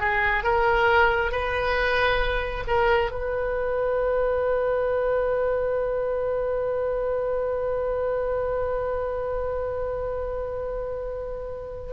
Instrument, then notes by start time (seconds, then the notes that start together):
oboe
0.00 G#4
0.43 A#4
1.32 B4
2.67 A#4
3.11 B4